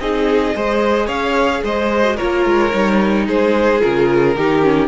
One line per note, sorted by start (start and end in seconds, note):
0.00 0.55 C4
0.00 0.55 D#4
0.00 0.56 G#4
0.00 1.09 D#5
0.55 1.08 G#3
0.55 2.04 G#4
0.55 1.07 C5
1.07 1.62 C#4
1.07 1.61 C#5
1.07 1.63 F5
1.64 2.19 G#3
1.64 2.17 C5
1.64 2.18 D#5
2.04 2.18 F#4
2.17 2.46 A#3
2.17 2.71 F4
2.17 3.26 A#4
2.17 3.27 C#5
2.46 2.73 G#3
2.71 3.27 G3
2.71 3.80 D#4
3.27 3.82 G#3
3.27 4.36 G#4
3.27 3.81 C5
3.81 4.36 C#3
3.81 4.35 F4
3.81 4.88 A#4
4.36 4.88 D#3
4.36 4.62 D#4
4.36 4.88 G4
4.62 4.88 C#4